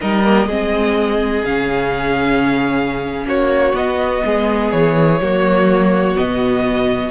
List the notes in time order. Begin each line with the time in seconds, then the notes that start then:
0.00 G3 D#4 A#4 D#5
0.24 A#3
0.46 G#3 C4 G#4
1.44 C#3 C#4 F5
3.25 A#3 F#4 C#5
3.73 B3 D#5
4.25 G#3 G#4
4.71 E3 C#5
5.20 F#3 A#3 F#4
6.15 B2 B3 D#5